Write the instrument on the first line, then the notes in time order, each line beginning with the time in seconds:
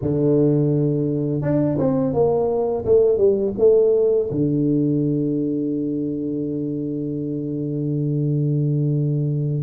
tuba
0.01 D3
1.41 D4
1.78 C4
2.13 A#3
2.85 A3
3.17 G3
3.57 A3
4.31 D3